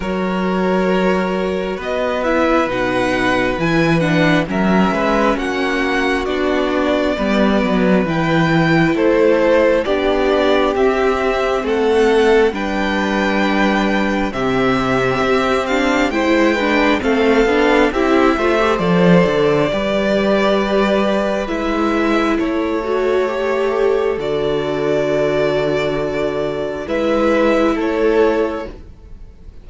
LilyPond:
<<
  \new Staff \with { instrumentName = "violin" } { \time 4/4 \tempo 4 = 67 cis''2 dis''8 e''8 fis''4 | gis''8 fis''8 e''4 fis''4 d''4~ | d''4 g''4 c''4 d''4 | e''4 fis''4 g''2 |
e''4. f''8 g''4 f''4 | e''4 d''2. | e''4 cis''2 d''4~ | d''2 e''4 cis''4 | }
  \new Staff \with { instrumentName = "violin" } { \time 4/4 ais'2 b'2~ | b'4 ais'8 b'8 fis'2 | b'2 a'4 g'4~ | g'4 a'4 b'2 |
g'2 c''8 b'8 a'4 | g'8 c''4. b'2~ | b'4 a'2.~ | a'2 b'4 a'4 | }
  \new Staff \with { instrumentName = "viola" } { \time 4/4 fis'2~ fis'8 e'8 dis'4 | e'8 d'8 cis'2 d'4 | b4 e'2 d'4 | c'2 d'2 |
c'4. d'8 e'8 d'8 c'8 d'8 | e'8 f'16 g'16 a'4 g'2 | e'4. fis'8 g'4 fis'4~ | fis'2 e'2 | }
  \new Staff \with { instrumentName = "cello" } { \time 4/4 fis2 b4 b,4 | e4 fis8 gis8 ais4 b4 | g8 fis8 e4 a4 b4 | c'4 a4 g2 |
c4 c'4 gis4 a8 b8 | c'8 a8 f8 d8 g2 | gis4 a2 d4~ | d2 gis4 a4 | }
>>